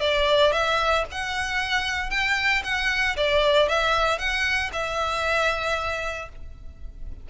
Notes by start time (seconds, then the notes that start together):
0.00 D5
0.52 E5
1.11 F#5
2.10 G5
2.64 F#5
3.17 D5
3.69 E5
4.18 F#5
4.72 E5